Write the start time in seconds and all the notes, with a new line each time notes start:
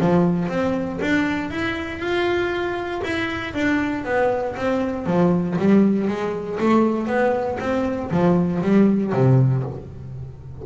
0.00 F3
0.49 C4
1.01 D4
1.50 E4
1.99 F4
3.03 E4
3.54 D4
4.05 B3
4.56 C4
5.06 F3
5.58 G3
6.08 G#3
6.60 A3
7.07 B3
7.60 C4
8.11 F3
8.62 G3
9.12 C3